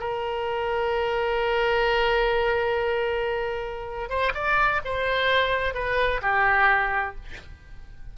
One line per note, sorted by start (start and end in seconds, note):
0.00 4.09 A#4
4.09 4.33 C5
4.34 4.81 D5
4.85 5.74 C5
5.74 6.21 B4
6.22 7.15 G4